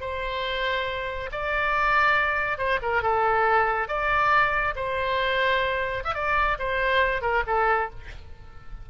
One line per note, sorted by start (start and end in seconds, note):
0.00 1.29 C5
1.31 2.58 D5
2.58 2.79 C5
2.82 3.02 A#4
3.02 3.88 A4
3.88 4.74 D5
4.75 6.04 C5
6.04 6.14 E5
6.14 6.57 D5
6.58 7.21 C5
7.21 7.43 A#4
7.46 7.90 A4